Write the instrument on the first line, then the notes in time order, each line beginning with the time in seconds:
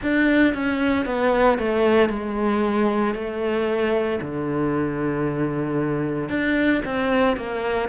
cello
0.02 D4
0.54 C#4
1.05 B3
1.58 A3
2.09 G#3
3.14 A3
4.21 D3
6.29 D4
6.85 C4
7.36 A#3